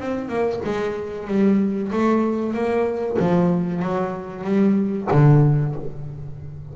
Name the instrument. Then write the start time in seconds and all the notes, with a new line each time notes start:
double bass
0.00 C4
0.29 A#3
0.65 G#3
1.28 G3
1.93 A3
2.54 A#3
3.19 F3
3.82 F#3
4.44 G3
5.12 D3